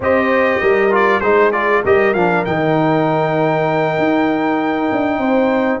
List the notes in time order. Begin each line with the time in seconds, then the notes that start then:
0.00 C4 G4 C5 D#5
0.60 G3 A#4
0.90 F4 D5
1.20 G#3 D#4 G#4 C5
1.52 F4 D5
1.83 G3 G4 A#4 D#5
2.13 F3 D4 F5
2.45 D#3 D#4 G5
3.98 D#4
4.91 D4
5.18 C4 C5